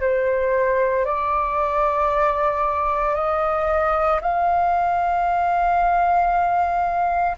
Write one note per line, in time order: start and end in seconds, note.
0.00 1.05 C5
1.05 3.15 D5
3.15 4.20 D#5
4.21 7.37 F5